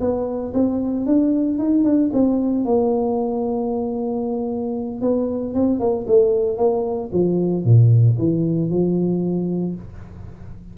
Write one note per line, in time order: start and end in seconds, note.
0.00 0.53 B3
0.53 1.06 C4
1.06 1.58 D4
1.58 1.84 D#4
1.84 2.10 D4
2.13 2.65 C4
2.65 5.01 A#3
5.01 5.54 B3
5.54 5.79 C4
5.79 6.06 A#3
6.07 6.57 A3
6.57 7.10 A#3
7.12 7.64 F3
7.64 8.17 A#2
8.18 8.70 E3
8.70 9.75 F3